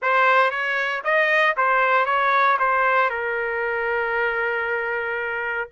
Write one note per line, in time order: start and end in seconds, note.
0.02 0.50 C5
0.50 1.02 C#5
1.03 1.55 D#5
1.56 2.05 C5
2.05 2.57 C#5
2.59 3.10 C5
3.10 5.68 A#4